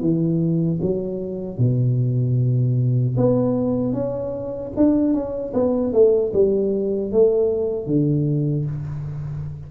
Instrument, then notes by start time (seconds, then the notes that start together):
tuba
0.00 E3
0.81 F#3
1.58 B2
3.17 B3
3.93 C#4
4.76 D4
5.13 C#4
5.53 B3
5.92 A3
6.33 G3
7.12 A3
7.86 D3